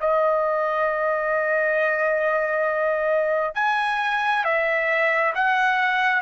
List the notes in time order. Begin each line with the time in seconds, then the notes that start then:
0.00 D#5
3.55 G#5
4.44 E5
5.34 F#5